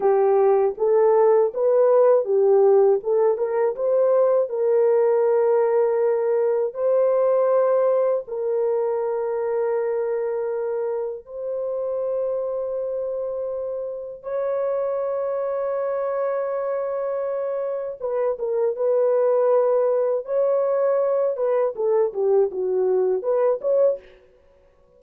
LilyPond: \new Staff \with { instrumentName = "horn" } { \time 4/4 \tempo 4 = 80 g'4 a'4 b'4 g'4 | a'8 ais'8 c''4 ais'2~ | ais'4 c''2 ais'4~ | ais'2. c''4~ |
c''2. cis''4~ | cis''1 | b'8 ais'8 b'2 cis''4~ | cis''8 b'8 a'8 g'8 fis'4 b'8 cis''8 | }